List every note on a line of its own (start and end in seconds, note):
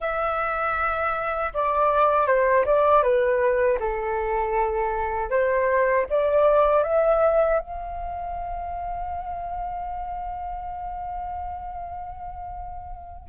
0.00 1.52 E5
1.53 2.26 D5
2.26 2.64 C5
2.65 3.02 D5
3.02 3.78 B4
3.79 5.30 A4
5.30 6.06 C5
6.09 6.83 D5
6.83 7.59 E5
7.59 13.28 F5